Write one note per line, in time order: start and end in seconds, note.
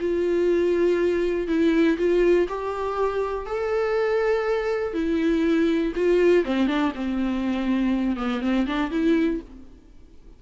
0.00 1.48 F4
1.48 1.97 E4
1.98 2.48 F4
2.49 3.46 G4
3.46 4.94 A4
4.94 5.93 E4
5.96 6.45 F4
6.45 6.67 C4
6.67 6.92 D4
6.95 8.17 C4
8.17 8.41 B3
8.41 8.66 C4
8.67 8.91 D4
8.91 9.41 E4